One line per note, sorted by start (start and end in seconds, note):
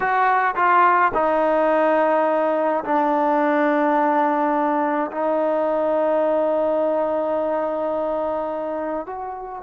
0.00 0.54 F#4
0.55 1.12 F4
1.14 2.84 D#4
2.84 5.10 D4
5.11 9.05 D#4
9.05 9.62 F#4